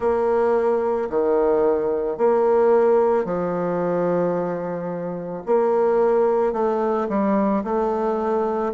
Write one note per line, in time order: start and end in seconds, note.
0.00 1.09 A#3
1.09 2.17 D#3
2.17 3.24 A#3
3.24 5.42 F3
5.45 6.53 A#3
6.53 7.07 A3
7.09 7.63 G3
7.64 8.73 A3